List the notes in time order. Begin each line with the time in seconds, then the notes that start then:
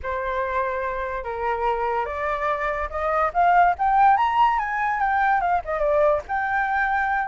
0.02 C5
1.24 A#4
2.05 D5
2.90 D#5
3.33 F5
3.78 G5
4.17 A#5
4.58 G#5
4.99 G5
5.41 F5
5.65 D#5
5.79 D5
6.27 G5